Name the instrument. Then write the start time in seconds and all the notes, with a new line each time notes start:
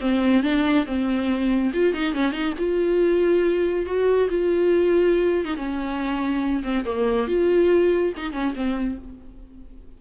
viola
0.00 C4
0.42 D4
0.86 C4
1.73 F4
1.93 D#4
2.13 C#4
2.32 D#4
2.58 F4
3.86 F#4
4.29 F4
5.44 D#4
5.55 C#4
6.63 C4
6.85 A#3
7.27 F4
8.16 D#4
8.32 C#4
8.55 C4